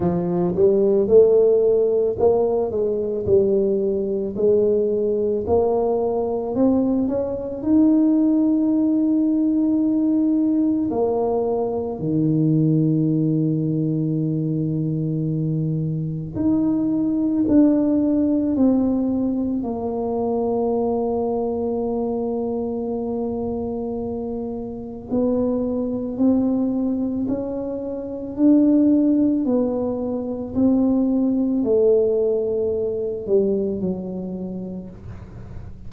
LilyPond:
\new Staff \with { instrumentName = "tuba" } { \time 4/4 \tempo 4 = 55 f8 g8 a4 ais8 gis8 g4 | gis4 ais4 c'8 cis'8 dis'4~ | dis'2 ais4 dis4~ | dis2. dis'4 |
d'4 c'4 ais2~ | ais2. b4 | c'4 cis'4 d'4 b4 | c'4 a4. g8 fis4 | }